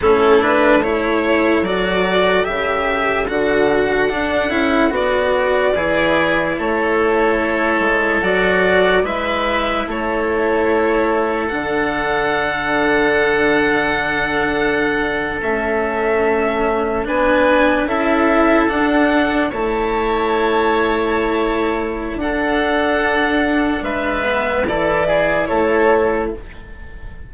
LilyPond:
<<
  \new Staff \with { instrumentName = "violin" } { \time 4/4 \tempo 4 = 73 a'8 b'8 cis''4 d''4 e''4 | fis''2 d''2 | cis''2 d''4 e''4 | cis''2 fis''2~ |
fis''2~ fis''8. e''4~ e''16~ | e''8. gis''4 e''4 fis''4 a''16~ | a''2. fis''4~ | fis''4 e''4 d''4 cis''4 | }
  \new Staff \with { instrumentName = "oboe" } { \time 4/4 e'4 a'2.~ | a'2. gis'4 | a'2. b'4 | a'1~ |
a'1~ | a'8. b'4 a'2 cis''16~ | cis''2. a'4~ | a'4 b'4 a'8 gis'8 a'4 | }
  \new Staff \with { instrumentName = "cello" } { \time 4/4 cis'8 d'8 e'4 fis'4 g'4 | fis'4 d'8 e'8 fis'4 e'4~ | e'2 fis'4 e'4~ | e'2 d'2~ |
d'2~ d'8. cis'4~ cis'16~ | cis'8. d'4 e'4 d'4 e'16~ | e'2. d'4~ | d'4. b8 e'2 | }
  \new Staff \with { instrumentName = "bassoon" } { \time 4/4 a2 fis4 cis4 | d4 d'8 cis'8 b4 e4 | a4. gis8 fis4 gis4 | a2 d2~ |
d2~ d8. a4~ a16~ | a8. b4 cis'4 d'4 a16~ | a2. d'4~ | d'4 gis4 e4 a4 | }
>>